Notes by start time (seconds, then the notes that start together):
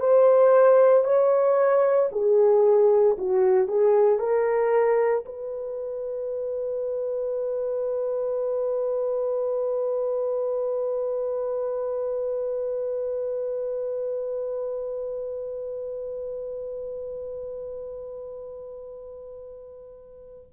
0.00 C5
1.05 C#5
2.12 G#4
3.18 F#4
3.68 G#4
4.20 A#4
5.26 B4